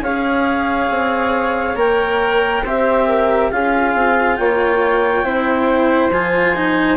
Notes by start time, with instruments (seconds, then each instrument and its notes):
0.00 bassoon C#4, cello G#4, flute C#5, clarinet F5
0.91 bassoon C4
1.76 bassoon A#3, cello A#4, clarinet G5
2.63 bassoon C4, cello G4, flute C5, clarinet E5
3.07 flute A#4
3.51 bassoon C#4, cello F4, flute G#4, clarinet F5
3.94 bassoon C4
4.37 bassoon A#3, flute C#5, clarinet G5
5.24 bassoon C4, cello E4, flute C5
6.11 bassoon F3, cello F4, clarinet G#5
6.56 cello D#4